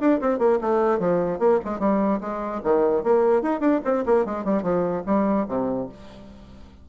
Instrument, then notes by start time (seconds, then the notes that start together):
bassoon
0.00 D4
0.20 C4
0.39 A#3
0.61 A3
0.99 F3
1.39 A#3
1.65 G#3
1.79 G3
2.21 G#3
2.63 D#3
3.03 A#3
3.42 D#4
3.60 D4
3.84 C4
4.06 A#3
4.25 G#3
4.44 G3
4.62 F3
5.06 G3
5.48 C3